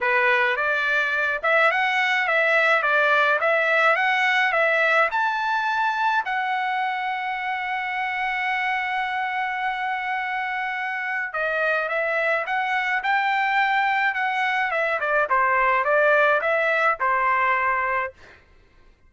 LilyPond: \new Staff \with { instrumentName = "trumpet" } { \time 4/4 \tempo 4 = 106 b'4 d''4. e''8 fis''4 | e''4 d''4 e''4 fis''4 | e''4 a''2 fis''4~ | fis''1~ |
fis''1 | dis''4 e''4 fis''4 g''4~ | g''4 fis''4 e''8 d''8 c''4 | d''4 e''4 c''2 | }